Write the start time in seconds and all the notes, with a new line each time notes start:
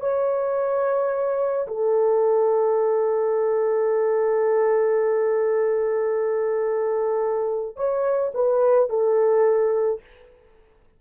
0.00 C#5
1.67 A4
7.76 C#5
8.34 B4
8.89 A4